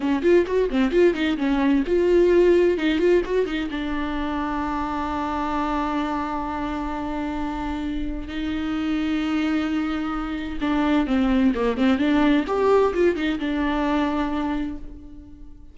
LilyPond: \new Staff \with { instrumentName = "viola" } { \time 4/4 \tempo 4 = 130 cis'8 f'8 fis'8 c'8 f'8 dis'8 cis'4 | f'2 dis'8 f'8 fis'8 dis'8 | d'1~ | d'1~ |
d'2 dis'2~ | dis'2. d'4 | c'4 ais8 c'8 d'4 g'4 | f'8 dis'8 d'2. | }